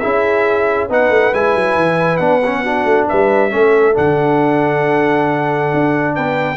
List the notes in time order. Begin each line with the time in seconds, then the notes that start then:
0.00 C#4 E4 G#4 E5
0.89 B3 D#4 B4 F#5
1.09 A3
1.34 G#3 E4 G#5
1.55 F#3
1.76 E3
2.17 B3 D4 F#5
2.46 C#4
2.63 D4 F#4
2.85 A3
3.08 G3 B4 E5
3.50 A3 C#4 A4
3.93 D3 D4 F#5
5.74 D4
6.15 B3 B4 G5